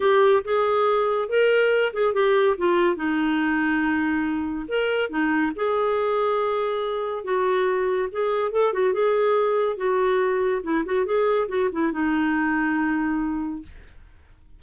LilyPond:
\new Staff \with { instrumentName = "clarinet" } { \time 4/4 \tempo 4 = 141 g'4 gis'2 ais'4~ | ais'8 gis'8 g'4 f'4 dis'4~ | dis'2. ais'4 | dis'4 gis'2.~ |
gis'4 fis'2 gis'4 | a'8 fis'8 gis'2 fis'4~ | fis'4 e'8 fis'8 gis'4 fis'8 e'8 | dis'1 | }